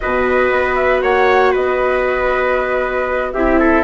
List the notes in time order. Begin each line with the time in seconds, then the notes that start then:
0.00 B2 F#4 B4 D#5
0.51 B3
0.75 E5
1.02 A#3 C#5 F#5
1.51 B3 B4 D#5
3.32 C4 E4 G4 E5
3.59 A4